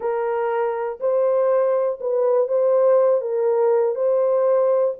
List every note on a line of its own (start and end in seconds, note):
0.00 0.99 A#4
1.00 1.99 C5
2.00 2.47 B4
2.47 3.21 C5
3.21 3.95 A#4
3.95 4.94 C5